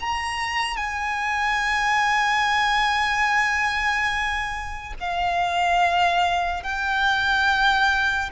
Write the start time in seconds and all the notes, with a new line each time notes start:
0.00 A#5
0.77 G#5
5.00 F5
6.63 G5